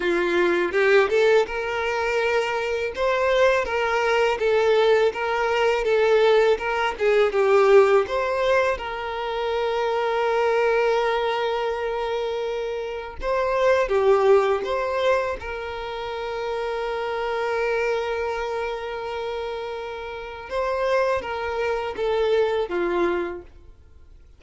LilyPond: \new Staff \with { instrumentName = "violin" } { \time 4/4 \tempo 4 = 82 f'4 g'8 a'8 ais'2 | c''4 ais'4 a'4 ais'4 | a'4 ais'8 gis'8 g'4 c''4 | ais'1~ |
ais'2 c''4 g'4 | c''4 ais'2.~ | ais'1 | c''4 ais'4 a'4 f'4 | }